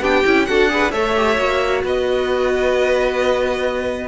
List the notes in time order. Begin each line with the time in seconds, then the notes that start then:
0.00 B3 D4 G4 G5
0.25 C#4 E4
0.46 D4 F#4 A4 F#5
0.69 G#4 B4
0.91 A3 A4 C#5 E5
1.16 G4
1.36 A#3 F#4
1.84 B3 B4 D#5